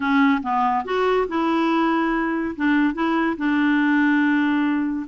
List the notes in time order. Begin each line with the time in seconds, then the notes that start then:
0.00 C#4
0.42 B3
0.85 F#4
1.28 E4
2.56 D4
2.94 E4
3.37 D4